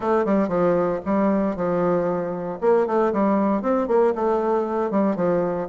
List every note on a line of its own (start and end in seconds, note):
0.00 0.25 A3
0.25 0.48 G3
0.48 1.00 F3
1.05 1.55 G3
1.55 2.59 F3
2.60 2.86 A#3
2.86 3.12 A3
3.12 3.62 G3
3.62 3.87 C4
3.87 4.13 A#3
4.15 4.90 A3
4.90 5.15 G3
5.15 5.67 F3